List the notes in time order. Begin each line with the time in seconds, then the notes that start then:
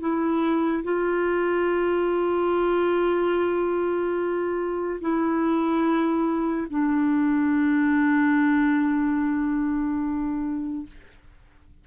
0.00 E4
0.84 F4
5.01 E4
6.70 D4